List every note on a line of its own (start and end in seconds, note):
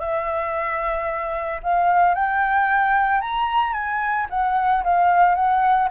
0.00 1.61 E5
1.63 2.15 F5
2.15 3.21 G5
3.21 3.73 A#5
3.73 4.27 G#5
4.30 4.84 F#5
4.84 5.35 F5
5.35 5.89 F#5